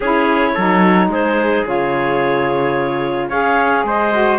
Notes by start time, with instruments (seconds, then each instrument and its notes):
0.00 cello C#4, saxophone E4, trumpet G#4, clarinet C#5
0.54 cello F#3, saxophone D#4, trumpet A4
1.08 cello G#3, trumpet G#4, clarinet C5
1.65 cello C#3, saxophone F4, clarinet C#5
3.28 cello C#4, saxophone G#4, trumpet C#5, clarinet F5
3.83 cello G#3, trumpet C5, clarinet D#5
4.12 saxophone F#4